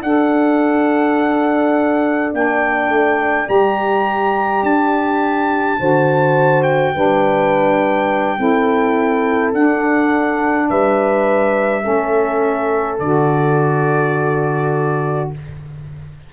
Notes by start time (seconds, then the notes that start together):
0.00 D4 A4 D5 F#5
2.32 A#3 D4 G5
2.88 A3
3.46 G3 G4 A#5
4.62 D4 A5
5.78 D3 F#4 C5
6.62 G5
6.94 G3 D4 B4
8.37 C4 E4 A4
9.53 D4 F#5
10.69 G3 B4 E5
11.81 A3 C#4 A4
12.99 D3 F#4 D5